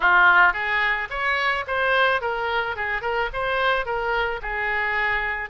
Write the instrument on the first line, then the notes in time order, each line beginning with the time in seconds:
oboe
0.00 F4
0.53 G#4
1.09 C#5
1.67 C5
2.21 A#4
2.76 G#4
3.01 A#4
3.33 C5
3.85 A#4
4.42 G#4